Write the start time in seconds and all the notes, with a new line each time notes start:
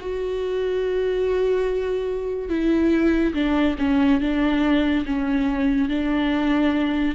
0.00 F#4
2.49 E4
3.34 D4
3.78 C#4
4.20 D4
5.06 C#4
5.89 D4